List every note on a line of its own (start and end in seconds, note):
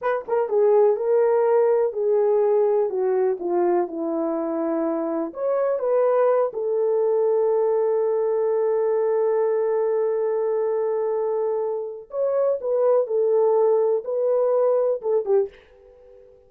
0.01 0.25 B4
0.28 0.49 A#4
0.49 0.96 G#4
0.96 1.92 A#4
1.92 2.89 G#4
2.89 3.37 F#4
3.39 3.87 F4
3.87 5.32 E4
5.33 5.79 C#5
5.79 6.51 B4
6.53 12.09 A4
12.10 12.58 C#5
12.60 13.06 B4
13.06 14.03 A4
14.04 15.01 B4
15.01 15.25 A4
15.25 15.49 G4